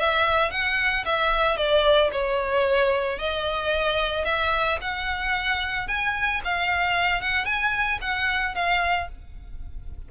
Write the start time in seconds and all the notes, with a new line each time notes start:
0.00 E5
0.51 F#5
1.06 E5
1.57 D5
2.13 C#5
3.19 D#5
4.25 E5
4.82 F#5
5.88 G#5
6.45 F5
7.22 F#5
7.46 G#5
8.02 F#5
8.55 F5